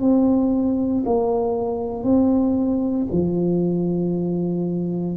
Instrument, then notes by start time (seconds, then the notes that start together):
tuba
0.00 C4
1.05 A#3
2.04 C4
3.11 F3